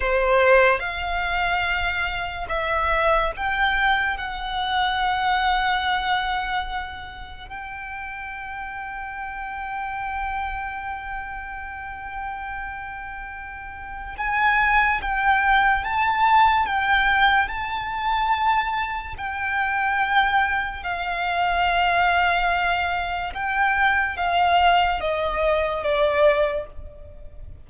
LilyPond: \new Staff \with { instrumentName = "violin" } { \time 4/4 \tempo 4 = 72 c''4 f''2 e''4 | g''4 fis''2.~ | fis''4 g''2.~ | g''1~ |
g''4 gis''4 g''4 a''4 | g''4 a''2 g''4~ | g''4 f''2. | g''4 f''4 dis''4 d''4 | }